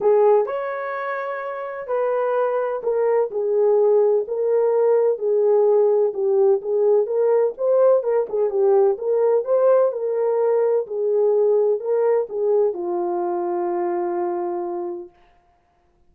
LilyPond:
\new Staff \with { instrumentName = "horn" } { \time 4/4 \tempo 4 = 127 gis'4 cis''2. | b'2 ais'4 gis'4~ | gis'4 ais'2 gis'4~ | gis'4 g'4 gis'4 ais'4 |
c''4 ais'8 gis'8 g'4 ais'4 | c''4 ais'2 gis'4~ | gis'4 ais'4 gis'4 f'4~ | f'1 | }